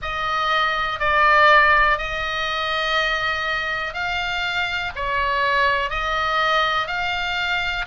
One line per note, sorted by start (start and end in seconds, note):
0.01 0.99 D#5
0.99 1.98 D5
1.98 3.93 D#5
3.93 4.92 F5
4.95 5.90 C#5
5.90 6.87 D#5
6.87 7.85 F5